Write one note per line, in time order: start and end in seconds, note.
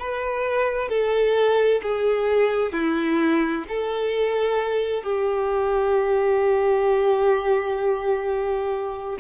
0.00 0.89 B4
0.89 1.82 A4
1.83 2.73 G#4
2.73 3.65 E4
3.69 5.03 A4
5.03 9.19 G4